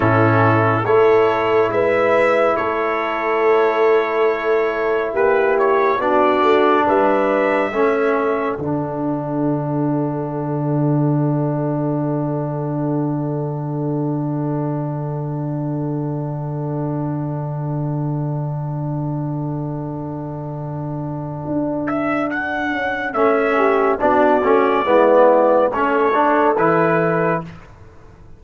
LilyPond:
<<
  \new Staff \with { instrumentName = "trumpet" } { \time 4/4 \tempo 4 = 70 a'4 cis''4 e''4 cis''4~ | cis''2 b'8 cis''8 d''4 | e''2 fis''2~ | fis''1~ |
fis''1~ | fis''1~ | fis''4. e''8 fis''4 e''4 | d''2 cis''4 b'4 | }
  \new Staff \with { instrumentName = "horn" } { \time 4/4 e'4 a'4 b'4 a'4~ | a'2 g'4 fis'4 | b'4 a'2.~ | a'1~ |
a'1~ | a'1~ | a'2.~ a'8 g'8 | fis'4 e'4 a'2 | }
  \new Staff \with { instrumentName = "trombone" } { \time 4/4 cis'4 e'2.~ | e'2. d'4~ | d'4 cis'4 d'2~ | d'1~ |
d'1~ | d'1~ | d'2. cis'4 | d'8 cis'8 b4 cis'8 d'8 e'4 | }
  \new Staff \with { instrumentName = "tuba" } { \time 4/4 a,4 a4 gis4 a4~ | a2 ais4 b8 a8 | g4 a4 d2~ | d1~ |
d1~ | d1~ | d4 d'4. cis'8 a4 | b8 a8 gis4 a4 e4 | }
>>